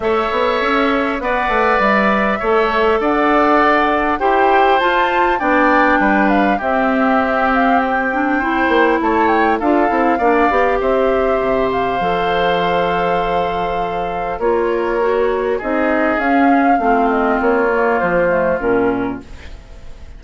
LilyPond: <<
  \new Staff \with { instrumentName = "flute" } { \time 4/4 \tempo 4 = 100 e''2 fis''4 e''4~ | e''4 fis''2 g''4 | a''4 g''4. f''8 e''4~ | e''8 f''8 g''2 a''8 g''8 |
f''2 e''4. f''8~ | f''1 | cis''2 dis''4 f''4~ | f''8 dis''8 cis''4 c''4 ais'4 | }
  \new Staff \with { instrumentName = "oboe" } { \time 4/4 cis''2 d''2 | cis''4 d''2 c''4~ | c''4 d''4 b'4 g'4~ | g'2 c''4 cis''4 |
a'4 d''4 c''2~ | c''1 | ais'2 gis'2 | f'1 | }
  \new Staff \with { instrumentName = "clarinet" } { \time 4/4 a'2 b'2 | a'2. g'4 | f'4 d'2 c'4~ | c'4. d'8 e'2 |
f'8 e'8 d'8 g'2~ g'8 | a'1 | f'4 fis'4 dis'4 cis'4 | c'4. ais4 a8 cis'4 | }
  \new Staff \with { instrumentName = "bassoon" } { \time 4/4 a8 b8 cis'4 b8 a8 g4 | a4 d'2 e'4 | f'4 b4 g4 c'4~ | c'2~ c'8 ais8 a4 |
d'8 c'8 ais8 b8 c'4 c4 | f1 | ais2 c'4 cis'4 | a4 ais4 f4 ais,4 | }
>>